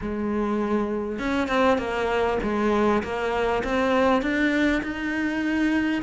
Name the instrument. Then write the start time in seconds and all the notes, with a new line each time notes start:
cello
0.01 G#3
1.18 C#4
1.48 C4
1.78 A#3
2.42 G#3
3.03 A#3
3.63 C4
4.22 D4
4.82 D#4